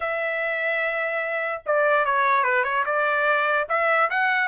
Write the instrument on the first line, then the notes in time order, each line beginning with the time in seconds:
trumpet
0.00 E5
1.65 D5
2.05 C#5
2.43 B4
2.64 C#5
2.85 D5
3.68 E5
4.10 F#5